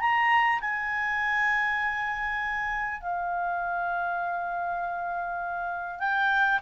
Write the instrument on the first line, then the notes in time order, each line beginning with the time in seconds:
clarinet
0.00 A#5
0.61 G#5
3.01 F5
6.00 G5